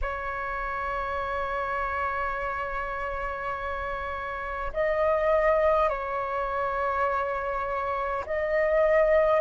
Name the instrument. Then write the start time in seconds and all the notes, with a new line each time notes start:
flute
0.01 C#5
4.73 D#5
5.89 C#5
8.26 D#5